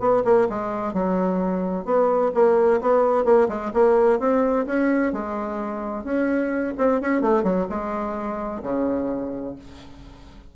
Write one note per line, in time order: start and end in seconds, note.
0.00 0.23 B3
0.25 0.48 A#3
0.50 0.94 G#3
0.94 1.85 F#3
1.85 2.32 B3
2.34 2.81 A#3
2.81 3.25 B3
3.25 3.48 A#3
3.49 3.72 G#3
3.74 4.20 A#3
4.20 4.66 C4
4.67 5.13 C#4
5.13 6.04 G#3
6.04 6.74 C#4
6.78 7.01 C4
7.01 7.22 C#4
7.22 7.44 A3
7.44 7.67 F#3
7.70 8.63 G#3
8.63 9.56 C#3